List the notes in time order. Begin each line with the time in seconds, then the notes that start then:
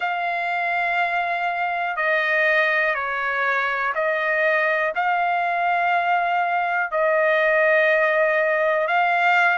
0.00 F5
1.96 D#5
2.95 C#5
3.94 D#5
4.94 F5
6.91 D#5
8.87 F5